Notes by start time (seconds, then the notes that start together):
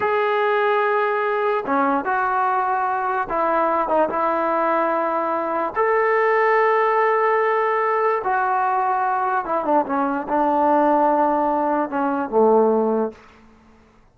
0.00 G#4
1.66 C#4
2.04 F#4
3.29 E4
3.88 D#4
4.09 E4
5.75 A4
8.24 F#4
9.45 E4
9.64 D4
9.86 C#4
10.28 D4
11.89 C#4
12.29 A3